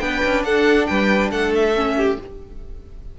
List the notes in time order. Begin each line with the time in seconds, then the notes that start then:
0.00 B3 D4 B4 G5
0.24 C#4
0.44 D4 A4 F#5
0.87 G3 B4 G5
1.31 A3 A4 F#5
1.55 E5
1.75 C#4
1.97 G4